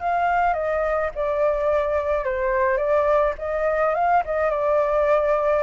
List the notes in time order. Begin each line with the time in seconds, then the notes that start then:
0.00 F5
0.53 D#5
1.15 D5
2.24 C5
2.77 D5
3.38 D#5
3.94 F5
4.25 D#5
4.50 D5